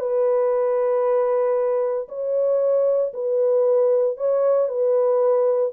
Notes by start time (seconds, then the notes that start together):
0.00 B4
2.09 C#5
3.14 B4
4.18 C#5
4.69 B4